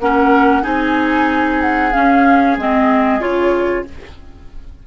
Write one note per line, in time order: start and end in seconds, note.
0.00 0.65 A#3
0.00 0.63 C#4
0.00 0.63 A#4
0.00 0.65 F#5
0.63 1.94 C4
0.63 1.92 D#4
0.63 3.85 G#4
0.63 1.62 G#5
1.62 1.93 F#5
1.93 2.59 C#4
1.93 2.57 C#4
1.93 2.57 F5
2.57 3.22 G#3
2.57 3.21 C4
2.57 3.21 D#5
3.21 3.87 C#3
3.21 3.85 F4
3.21 3.86 C#5